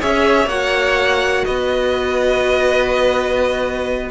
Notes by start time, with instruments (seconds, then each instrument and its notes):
0.00 cello C#4, viola G#4, violin C#5 E5
0.46 cello A#3, viola F#4, violin F#5
1.45 cello B3, violin B4 D#5